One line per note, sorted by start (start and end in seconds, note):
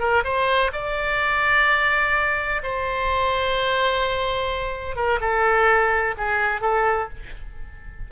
0.00 0.24 A#4
0.24 0.72 C5
0.73 2.62 D5
2.63 4.96 C5
4.96 5.19 A#4
5.21 6.15 A4
6.18 6.61 G#4
6.61 7.08 A4